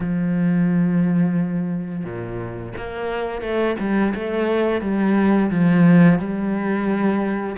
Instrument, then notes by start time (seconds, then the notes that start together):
cello
0.00 F3
2.04 A#2
2.77 A#3
3.41 A3
3.79 G3
4.14 A3
4.81 G3
5.50 F3
6.18 G3